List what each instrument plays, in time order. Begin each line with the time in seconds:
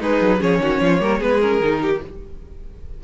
0.00 cello G#3, violin D#4 B4, viola G#4
0.21 cello F#3
0.39 cello F3, viola C#4, violin G#4 C#5
0.59 cello D#3, violin F#4
0.81 cello F3, violin F4
1.00 cello G3, viola A#3, violin A#4
1.19 cello G#3, viola B3, violin G#4 B4
1.41 viola C#4, violin A#4
1.61 cello D#3, viola D#4
1.82 violin G4